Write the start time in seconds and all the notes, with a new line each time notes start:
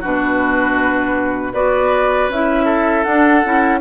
0.00 B2 D4 F#4 B4
1.53 B3 F#4 B4 D5
2.28 C#4 E4 E5
2.65 A4
3.03 D4 F#5
3.44 C#4 E4